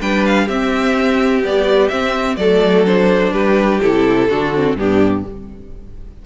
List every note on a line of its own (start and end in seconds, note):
0.00 0.49 G3
0.00 0.48 D4
0.00 0.46 B4
0.00 0.25 G5
0.26 0.48 F5
0.46 1.43 C4
0.46 2.36 G4
0.46 1.43 E5
1.43 1.90 G3
1.43 1.91 B3
1.43 1.88 D5
1.88 2.38 C4
1.88 2.37 C4
1.88 2.36 E5
2.36 3.32 F#3
2.36 2.86 A3
2.36 3.32 A4
2.36 2.84 D5
2.86 3.81 D4
2.86 3.33 C5
3.32 3.80 G3
3.32 4.28 G4
3.32 3.80 B4
3.82 4.29 C3
3.82 4.30 E4
3.82 4.77 A4
4.29 4.76 D3
4.29 4.54 D4
4.29 4.77 F#4
4.54 4.78 C4
4.76 5.23 G2
4.76 5.26 B3
4.76 5.26 D4
4.76 5.26 G4